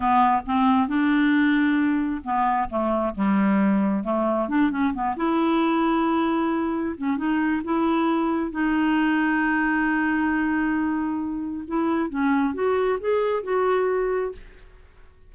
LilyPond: \new Staff \with { instrumentName = "clarinet" } { \time 4/4 \tempo 4 = 134 b4 c'4 d'2~ | d'4 b4 a4 g4~ | g4 a4 d'8 cis'8 b8 e'8~ | e'2.~ e'8 cis'8 |
dis'4 e'2 dis'4~ | dis'1~ | dis'2 e'4 cis'4 | fis'4 gis'4 fis'2 | }